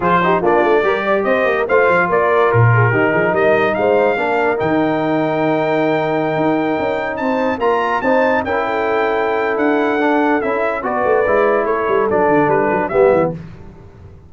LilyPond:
<<
  \new Staff \with { instrumentName = "trumpet" } { \time 4/4 \tempo 4 = 144 c''4 d''2 dis''4 | f''4 d''4 ais'2 | dis''4 f''2 g''4~ | g''1~ |
g''4~ g''16 a''4 ais''4 a''8.~ | a''16 g''2~ g''8. fis''4~ | fis''4 e''4 d''2 | cis''4 d''4 b'4 e''4 | }
  \new Staff \with { instrumentName = "horn" } { \time 4/4 gis'8 g'8 f'4 ais'8 d''8 c''8. ais'16 | c''4 ais'4. gis'8 g'8 gis'8 | ais'4 c''4 ais'2~ | ais'1~ |
ais'4~ ais'16 c''4 ais'4 c''8.~ | c''16 ais'8 a'2.~ a'16~ | a'2 b'2 | a'2. g'4 | }
  \new Staff \with { instrumentName = "trombone" } { \time 4/4 f'8 dis'8 d'4 g'2 | f'2. dis'4~ | dis'2 d'4 dis'4~ | dis'1~ |
dis'2~ dis'16 f'4 dis'8.~ | dis'16 e'2.~ e'8. | d'4 e'4 fis'4 e'4~ | e'4 d'2 b4 | }
  \new Staff \with { instrumentName = "tuba" } { \time 4/4 f4 ais8 a8 g4 c'8 ais8 | a8 f8 ais4 ais,4 dis8 f8 | g4 gis4 ais4 dis4~ | dis2.~ dis16 dis'8.~ |
dis'16 cis'4 c'4 ais4 c'8.~ | c'16 cis'2~ cis'8. d'4~ | d'4 cis'4 b8 a8 gis4 | a8 g8 fis8 d8 g8 fis8 g8 e8 | }
>>